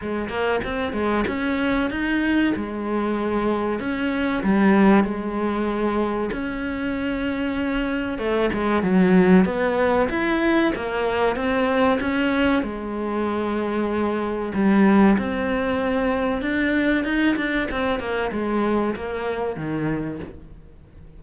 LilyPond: \new Staff \with { instrumentName = "cello" } { \time 4/4 \tempo 4 = 95 gis8 ais8 c'8 gis8 cis'4 dis'4 | gis2 cis'4 g4 | gis2 cis'2~ | cis'4 a8 gis8 fis4 b4 |
e'4 ais4 c'4 cis'4 | gis2. g4 | c'2 d'4 dis'8 d'8 | c'8 ais8 gis4 ais4 dis4 | }